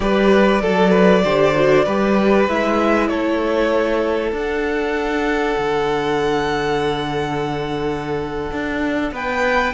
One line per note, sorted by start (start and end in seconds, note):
0.00 0.62 G3
0.00 0.61 G4
0.00 0.61 B4
0.00 2.46 D5
0.61 1.24 F#3
0.61 0.91 A4
0.61 1.24 A4
0.91 1.22 B4
1.24 1.86 D3
1.24 1.54 G4
1.24 1.84 C5
1.54 1.85 F#4
1.84 2.48 G3
1.84 2.48 G4
1.84 3.08 B4
2.48 3.09 G#3
2.48 4.33 E4
2.48 3.07 E5
3.07 4.32 A3
3.07 9.13 A4
3.07 4.31 C#5
4.32 5.55 D4
4.32 9.73 D4
4.32 9.14 F#5
5.57 8.51 D3
8.52 9.11 D4
9.11 9.73 B3
9.11 9.73 B4
9.11 9.73 G5